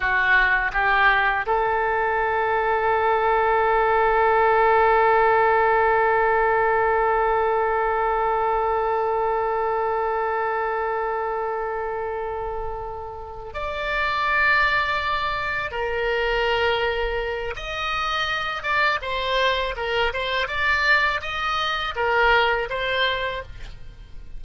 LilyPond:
\new Staff \with { instrumentName = "oboe" } { \time 4/4 \tempo 4 = 82 fis'4 g'4 a'2~ | a'1~ | a'1~ | a'1~ |
a'2~ a'8 d''4.~ | d''4. ais'2~ ais'8 | dis''4. d''8 c''4 ais'8 c''8 | d''4 dis''4 ais'4 c''4 | }